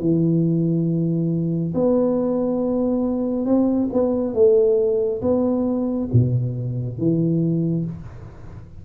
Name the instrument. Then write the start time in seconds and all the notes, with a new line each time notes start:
tuba
0.00 E3
1.75 B3
3.46 C4
3.93 B3
4.34 A3
5.22 B3
6.13 B2
6.99 E3